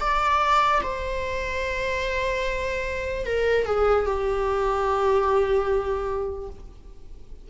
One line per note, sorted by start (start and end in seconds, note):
0.00 0.81 D5
0.82 3.25 C5
3.25 3.65 A#4
3.65 4.05 G#4
4.05 6.49 G4